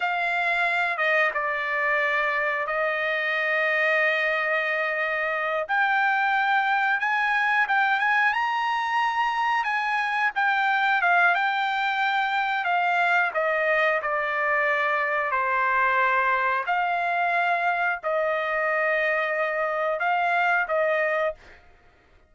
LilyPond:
\new Staff \with { instrumentName = "trumpet" } { \time 4/4 \tempo 4 = 90 f''4. dis''8 d''2 | dis''1~ | dis''8 g''2 gis''4 g''8 | gis''8 ais''2 gis''4 g''8~ |
g''8 f''8 g''2 f''4 | dis''4 d''2 c''4~ | c''4 f''2 dis''4~ | dis''2 f''4 dis''4 | }